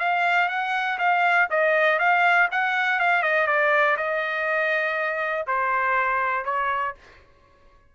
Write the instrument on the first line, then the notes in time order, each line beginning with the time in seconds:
trumpet
0.00 F5
0.49 F#5
0.99 F5
1.51 D#5
1.99 F5
2.52 F#5
3.00 F5
3.23 D#5
3.47 D5
3.98 D#5
5.47 C5
6.45 C#5